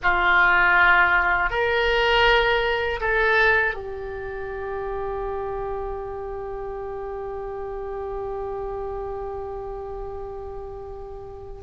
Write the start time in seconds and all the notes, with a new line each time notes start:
0.02 F4
1.50 A#4
3.00 A4
3.74 G4